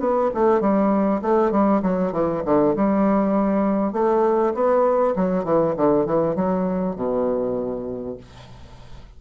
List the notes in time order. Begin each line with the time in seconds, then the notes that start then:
0.00 B3
0.34 A3
0.60 G3
1.22 A3
1.52 G3
1.82 F#3
2.12 E3
2.45 D3
2.75 G3
3.93 A3
4.54 B3
5.16 F#3
5.44 E3
5.77 D3
6.06 E3
6.35 F#3
6.96 B2